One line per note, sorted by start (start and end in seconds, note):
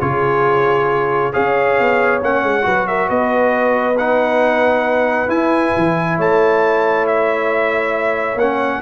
0.00 1.33 C#3
0.00 1.32 F4
0.00 1.32 G#4
0.00 1.32 C#5
1.32 1.79 C#4
1.32 2.21 G#4
1.32 2.65 C#5
1.32 2.21 F5
1.79 2.22 B3
2.22 2.43 A#3
2.22 2.62 C#4
2.22 2.87 F#5
2.43 2.65 G#3
2.62 3.09 F#3
2.62 3.94 F#4
2.62 2.87 B4
2.87 3.08 A#4
2.87 3.09 E5
3.08 5.28 B3
3.08 6.16 B4
3.08 3.97 D#5
3.97 5.27 D#4
3.97 5.29 F#5
5.27 8.36 E4
5.27 5.72 E4
5.27 6.17 G#5
5.77 6.18 E3
6.16 8.35 A3
6.16 8.81 C#5
6.16 7.07 A5
7.07 8.38 E5
8.35 8.79 A#3
8.35 8.82 F#5
8.42 8.82 C#4